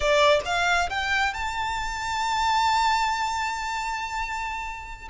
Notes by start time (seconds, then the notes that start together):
0.00 D5
0.45 F5
0.89 G5
1.33 A5